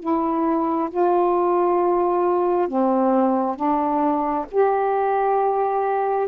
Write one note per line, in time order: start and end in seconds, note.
0.00 0.90 E4
0.91 2.68 F4
2.68 3.57 C4
3.57 4.46 D4
4.52 6.28 G4